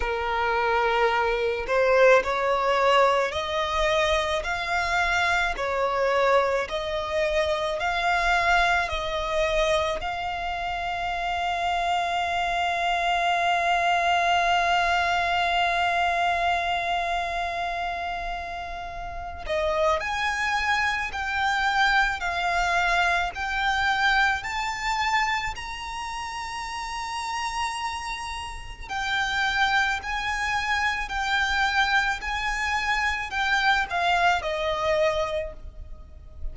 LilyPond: \new Staff \with { instrumentName = "violin" } { \time 4/4 \tempo 4 = 54 ais'4. c''8 cis''4 dis''4 | f''4 cis''4 dis''4 f''4 | dis''4 f''2.~ | f''1~ |
f''4. dis''8 gis''4 g''4 | f''4 g''4 a''4 ais''4~ | ais''2 g''4 gis''4 | g''4 gis''4 g''8 f''8 dis''4 | }